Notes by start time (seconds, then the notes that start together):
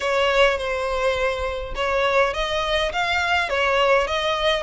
0.00 C#5
0.57 C5
1.75 C#5
2.33 D#5
2.92 F5
3.49 C#5
4.07 D#5